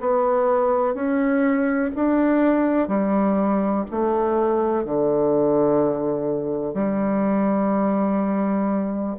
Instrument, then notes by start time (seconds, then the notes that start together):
bassoon
0.00 B3
0.94 C#4
1.95 D4
2.88 G3
3.91 A3
4.85 D3
6.74 G3